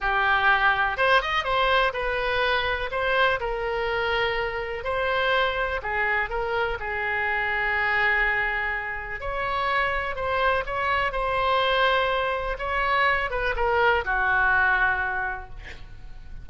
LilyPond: \new Staff \with { instrumentName = "oboe" } { \time 4/4 \tempo 4 = 124 g'2 c''8 dis''8 c''4 | b'2 c''4 ais'4~ | ais'2 c''2 | gis'4 ais'4 gis'2~ |
gis'2. cis''4~ | cis''4 c''4 cis''4 c''4~ | c''2 cis''4. b'8 | ais'4 fis'2. | }